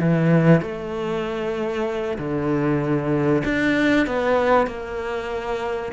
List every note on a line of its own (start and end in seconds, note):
0.00 0.62 E3
0.62 2.18 A3
2.18 3.43 D3
3.45 4.07 D4
4.07 4.68 B3
4.68 5.93 A#3